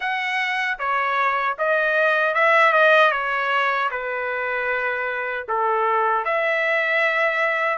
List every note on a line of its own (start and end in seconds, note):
0.00 0.78 F#5
0.78 1.56 C#5
1.58 2.34 D#5
2.34 2.72 E5
2.72 3.11 D#5
3.11 3.89 C#5
3.90 5.46 B4
5.48 6.24 A4
6.24 7.78 E5